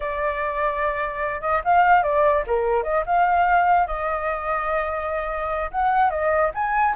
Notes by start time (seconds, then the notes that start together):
0.00 D5
1.41 D#5
1.64 F5
2.03 D5
2.47 A#4
2.83 D#5
3.06 F5
3.87 D#5
5.71 F#5
6.10 D#5
6.54 G#5